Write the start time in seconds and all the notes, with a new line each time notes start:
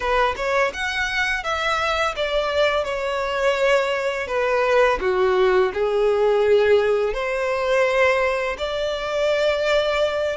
0.00 B4
0.36 C#5
0.73 F#5
1.43 E5
2.16 D5
2.84 C#5
4.27 B4
5.00 F#4
5.73 G#4
7.13 C5
8.57 D5